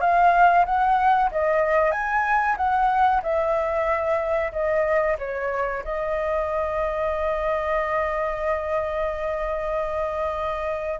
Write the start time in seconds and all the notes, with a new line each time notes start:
0.00 F5
0.65 F#5
1.31 D#5
1.91 G#5
2.57 F#5
3.22 E5
4.52 D#5
5.18 C#5
5.84 D#5